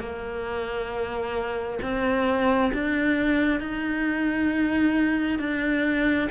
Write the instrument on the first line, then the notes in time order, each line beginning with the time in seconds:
cello
0.00 A#3
1.82 C4
2.74 D4
3.60 D#4
5.39 D4